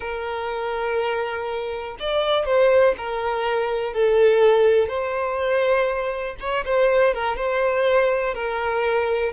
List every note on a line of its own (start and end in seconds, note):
0.00 1.97 A#4
1.99 2.45 D5
2.45 2.94 C5
2.97 3.93 A#4
3.93 4.88 A4
4.88 6.36 C5
6.40 6.64 C#5
6.65 7.14 C5
7.14 7.36 A#4
7.36 8.34 C5
8.34 9.32 A#4